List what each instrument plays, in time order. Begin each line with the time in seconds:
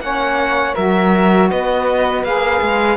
0.00 cello A#3, saxophone C#4, flute C#5, violin F#5
0.75 cello F#3, saxophone F#4, flute A#4, violin E5
1.51 cello B3, flute B4, violin D#5
2.24 cello A#3, saxophone G#4, violin F5
2.62 cello G#3